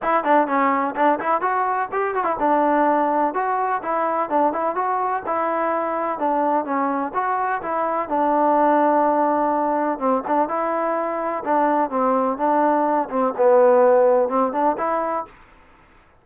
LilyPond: \new Staff \with { instrumentName = "trombone" } { \time 4/4 \tempo 4 = 126 e'8 d'8 cis'4 d'8 e'8 fis'4 | g'8 fis'16 e'16 d'2 fis'4 | e'4 d'8 e'8 fis'4 e'4~ | e'4 d'4 cis'4 fis'4 |
e'4 d'2.~ | d'4 c'8 d'8 e'2 | d'4 c'4 d'4. c'8 | b2 c'8 d'8 e'4 | }